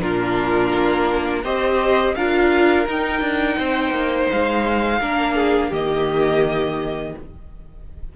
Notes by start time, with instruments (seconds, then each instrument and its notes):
0.00 cello A#2, viola D4, violin F4 A#4
0.74 cello A#3
1.43 cello C4, viola G4, violin C5 D#5
2.14 cello D4, viola F4, violin A#4 F5
2.86 viola D#4, cello D#4, violin G5
3.20 cello D4
3.57 cello C4, violin C5
3.90 cello A#3
4.31 cello G#3, violin F5
5.00 cello A#3, viola D4, violin A#4
5.35 violin G#4
5.69 cello D#3, viola A#3, violin G4 D#5